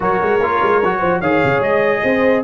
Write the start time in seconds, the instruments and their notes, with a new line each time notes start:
0.00 tuba F#3, trombone F#4, horn A#4, trumpet C#5
0.21 tuba G#3
0.39 tuba A#3, trombone F4
0.62 tuba G#3
0.82 tuba F#3, trombone F#4
0.98 tuba F3, horn C5
1.20 tuba D#3, trombone G#4, horn C#5, trumpet F5
1.44 tuba C#3
1.60 tuba G#3, trumpet D#5
2.03 tuba C4, horn C5